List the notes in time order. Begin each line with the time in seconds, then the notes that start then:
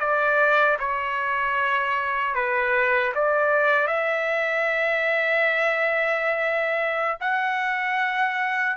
0.00 D5
0.80 C#5
2.36 B4
3.15 D5
3.87 E5
7.21 F#5